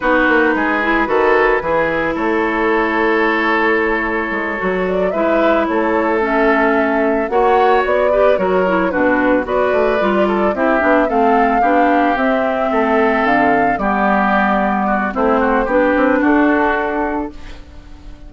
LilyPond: <<
  \new Staff \with { instrumentName = "flute" } { \time 4/4 \tempo 4 = 111 b'1 | cis''1~ | cis''4 d''8 e''4 cis''4 e''8~ | e''4. fis''4 d''4 cis''8~ |
cis''8 b'4 d''2 e''8~ | e''8 f''2 e''4.~ | e''8 f''4 d''2~ d''8 | c''4 b'4 a'2 | }
  \new Staff \with { instrumentName = "oboe" } { \time 4/4 fis'4 gis'4 a'4 gis'4 | a'1~ | a'4. b'4 a'4.~ | a'4. cis''4. b'8 ais'8~ |
ais'8 fis'4 b'4. a'8 g'8~ | g'8 a'4 g'2 a'8~ | a'4. g'2 fis'8 | e'8 fis'8 g'4 fis'2 | }
  \new Staff \with { instrumentName = "clarinet" } { \time 4/4 dis'4. e'8 fis'4 e'4~ | e'1~ | e'8 fis'4 e'2 cis'8~ | cis'4. fis'4. g'8 fis'8 |
e'8 d'4 fis'4 f'4 e'8 | d'8 c'4 d'4 c'4.~ | c'4. b2~ b8 | c'4 d'2. | }
  \new Staff \with { instrumentName = "bassoon" } { \time 4/4 b8 ais8 gis4 dis4 e4 | a1 | gis8 fis4 gis4 a4.~ | a4. ais4 b4 fis8~ |
fis8 b,4 b8 a8 g4 c'8 | b8 a4 b4 c'4 a8~ | a8 d4 g2~ g8 | a4 b8 c'8 d'2 | }
>>